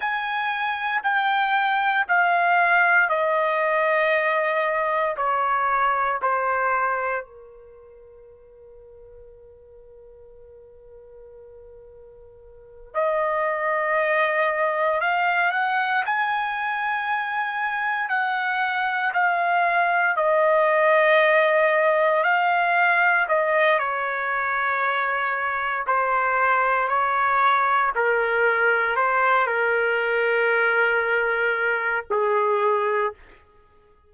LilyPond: \new Staff \with { instrumentName = "trumpet" } { \time 4/4 \tempo 4 = 58 gis''4 g''4 f''4 dis''4~ | dis''4 cis''4 c''4 ais'4~ | ais'1~ | ais'8 dis''2 f''8 fis''8 gis''8~ |
gis''4. fis''4 f''4 dis''8~ | dis''4. f''4 dis''8 cis''4~ | cis''4 c''4 cis''4 ais'4 | c''8 ais'2~ ais'8 gis'4 | }